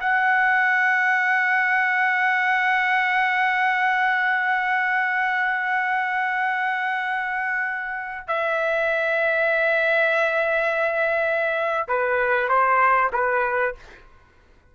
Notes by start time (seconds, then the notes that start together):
0.00 F#5
8.28 E5
11.88 B4
12.49 C5
13.13 B4